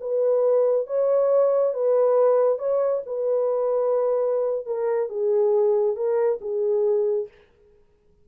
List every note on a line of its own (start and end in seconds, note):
0.00 0.86 B4
0.86 1.73 C#5
1.73 2.58 B4
2.58 3.01 C#5
3.06 4.66 B4
4.66 5.09 A#4
5.09 5.95 G#4
5.95 6.39 A#4
6.41 7.28 G#4